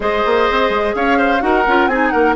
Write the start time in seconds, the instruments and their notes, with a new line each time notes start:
0.00 bassoon G#3, clarinet G#4, oboe C5, flute D#5
0.25 bassoon A#3
0.50 bassoon C4
0.69 bassoon G#3
0.95 bassoon C#4, oboe C#5, flute F5
1.18 oboe C5
1.40 bassoon D#4, clarinet F#4, oboe A#4, flute F#5
1.67 bassoon C#4, clarinet F4
1.87 bassoon C4, clarinet D#4, oboe G#4, flute G#5
2.10 bassoon A#3, oboe A#4, flute F#5